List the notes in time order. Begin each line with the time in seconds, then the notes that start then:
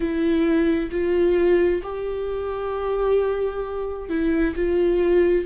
0.00 E4
0.91 F4
1.82 G4
4.09 E4
4.55 F4